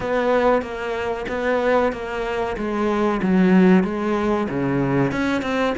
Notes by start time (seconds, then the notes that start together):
0.00 B3
0.62 A#3
1.28 B3
1.92 A#3
2.57 G#3
3.22 F#3
3.83 G#3
4.49 C#3
5.11 C#4
5.42 C4